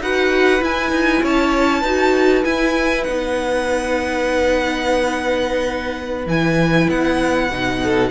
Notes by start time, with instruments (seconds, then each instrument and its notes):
0.00 cello D#4, viola F#4, violin B4 F#5
0.61 viola E4, cello E4, violin G#5
0.92 cello D#4
1.22 cello C#4, violin C#5 A5
1.81 cello D#4, viola F#4, violin B4
2.44 viola E4, cello E4, violin G#5
3.04 cello B3, viola D#4, violin F#5
6.26 cello E3, viola E4, violin G#5
6.90 cello B3, violin F#5
7.50 cello B2, viola D#4
7.84 violin A4